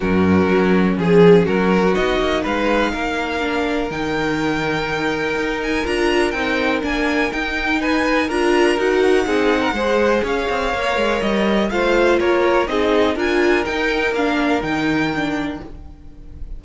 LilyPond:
<<
  \new Staff \with { instrumentName = "violin" } { \time 4/4 \tempo 4 = 123 ais'2 gis'4 ais'4 | dis''4 f''2. | g''2.~ g''8 gis''8 | ais''4 g''4 gis''4 g''4 |
gis''4 ais''4 fis''2~ | fis''4 f''2 dis''4 | f''4 cis''4 dis''4 gis''4 | g''4 f''4 g''2 | }
  \new Staff \with { instrumentName = "violin" } { \time 4/4 fis'2 gis'4 fis'4~ | fis'4 b'4 ais'2~ | ais'1~ | ais'1 |
b'4 ais'2 gis'8. ais'16 | c''4 cis''2. | c''4 ais'4 gis'4 ais'4~ | ais'1 | }
  \new Staff \with { instrumentName = "viola" } { \time 4/4 cis'1 | dis'2. d'4 | dis'1 | f'4 dis'4 d'4 dis'4~ |
dis'4 f'4 fis'4 dis'4 | gis'2 ais'2 | f'2 dis'4 f'4 | dis'4 d'4 dis'4 d'4 | }
  \new Staff \with { instrumentName = "cello" } { \time 4/4 fis,4 fis4 f4 fis4 | b8 ais8 gis4 ais2 | dis2. dis'4 | d'4 c'4 ais4 dis'4~ |
dis'4 d'4 dis'4 c'4 | gis4 cis'8 c'8 ais8 gis8 g4 | a4 ais4 c'4 d'4 | dis'4 ais4 dis2 | }
>>